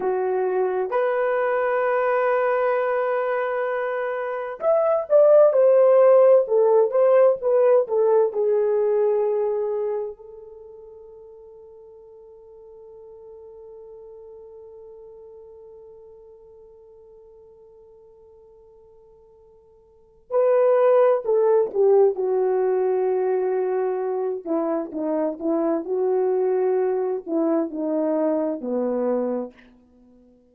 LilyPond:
\new Staff \with { instrumentName = "horn" } { \time 4/4 \tempo 4 = 65 fis'4 b'2.~ | b'4 e''8 d''8 c''4 a'8 c''8 | b'8 a'8 gis'2 a'4~ | a'1~ |
a'1~ | a'2 b'4 a'8 g'8 | fis'2~ fis'8 e'8 dis'8 e'8 | fis'4. e'8 dis'4 b4 | }